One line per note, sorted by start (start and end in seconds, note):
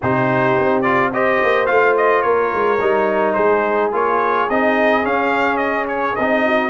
0.01 0.58 C3
0.01 0.84 D#4
0.01 1.12 G4
0.01 0.81 C5
0.58 1.42 C4
0.81 1.12 F4
0.81 1.09 D5
1.12 1.66 G4
1.12 2.24 C5
1.12 1.66 D#5
1.43 1.69 A#3
1.66 2.24 A3
1.66 2.78 F4
1.66 1.94 F5
1.96 2.22 D#5
2.22 2.52 A#3
2.22 3.36 A#4
2.22 3.33 C#5
2.54 2.80 G#3
2.80 3.37 G3
2.80 3.91 D#4
3.33 3.92 G#3
3.33 6.44 G#4
3.33 3.89 C5
3.91 4.48 A#3
3.91 4.48 F4
3.91 4.49 C#5
4.49 5.04 C4
4.49 5.03 D#4
4.49 5.05 D#5
5.03 6.15 C#4
5.03 6.16 C#4
5.03 5.57 F5
5.57 5.85 D#5
5.88 6.15 C#5
6.15 6.69 C4
6.15 6.69 D#4
6.15 6.69 D#5
6.45 6.69 F#4